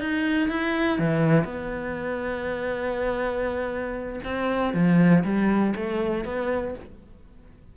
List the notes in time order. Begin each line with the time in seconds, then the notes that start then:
0.00 D#4
0.49 E4
0.99 E3
1.45 B3
4.24 C4
4.74 F3
5.24 G3
5.76 A3
6.25 B3